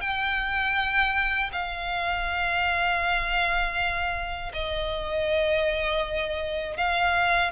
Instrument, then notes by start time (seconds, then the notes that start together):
violin
0.00 G5
1.52 F5
4.53 D#5
6.76 F5